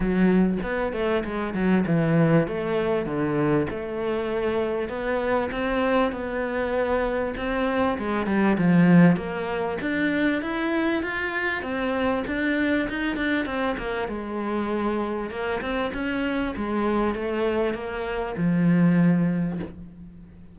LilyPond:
\new Staff \with { instrumentName = "cello" } { \time 4/4 \tempo 4 = 98 fis4 b8 a8 gis8 fis8 e4 | a4 d4 a2 | b4 c'4 b2 | c'4 gis8 g8 f4 ais4 |
d'4 e'4 f'4 c'4 | d'4 dis'8 d'8 c'8 ais8 gis4~ | gis4 ais8 c'8 cis'4 gis4 | a4 ais4 f2 | }